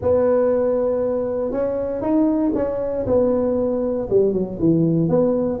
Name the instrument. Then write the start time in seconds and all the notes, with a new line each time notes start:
tuba
0.01 B3
1.51 C#4
2.01 D#4
2.54 C#4
3.06 B3
4.10 G3
4.32 F#3
4.59 E3
5.08 B3